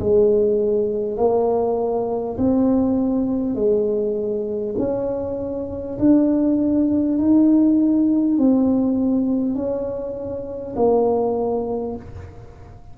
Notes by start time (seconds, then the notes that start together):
0.00 G#3
1.18 A#3
2.38 C4
3.55 G#3
4.78 C#4
5.99 D4
7.19 D#4
8.38 C4
9.55 C#4
10.76 A#3